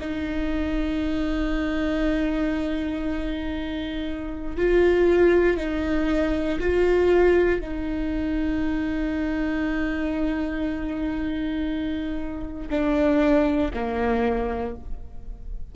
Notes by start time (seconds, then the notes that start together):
0.00 D#4
4.56 F4
5.57 D#4
6.60 F4
7.60 D#4
12.70 D4
13.73 A#3